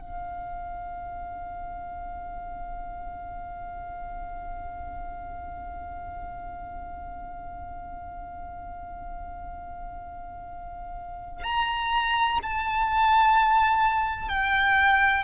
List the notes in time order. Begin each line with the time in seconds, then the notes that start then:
0.00 F5
11.43 A#5
12.42 A5
14.28 G5